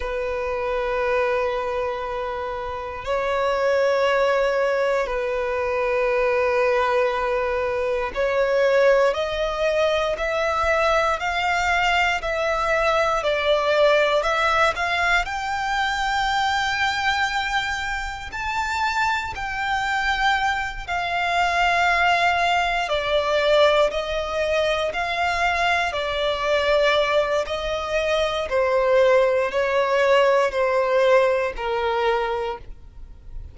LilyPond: \new Staff \with { instrumentName = "violin" } { \time 4/4 \tempo 4 = 59 b'2. cis''4~ | cis''4 b'2. | cis''4 dis''4 e''4 f''4 | e''4 d''4 e''8 f''8 g''4~ |
g''2 a''4 g''4~ | g''8 f''2 d''4 dis''8~ | dis''8 f''4 d''4. dis''4 | c''4 cis''4 c''4 ais'4 | }